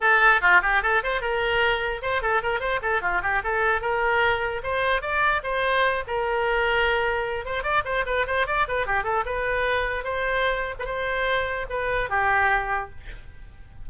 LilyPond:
\new Staff \with { instrumentName = "oboe" } { \time 4/4 \tempo 4 = 149 a'4 f'8 g'8 a'8 c''8 ais'4~ | ais'4 c''8 a'8 ais'8 c''8 a'8 f'8 | g'8 a'4 ais'2 c''8~ | c''8 d''4 c''4. ais'4~ |
ais'2~ ais'8 c''8 d''8 c''8 | b'8 c''8 d''8 b'8 g'8 a'8 b'4~ | b'4 c''4.~ c''16 b'16 c''4~ | c''4 b'4 g'2 | }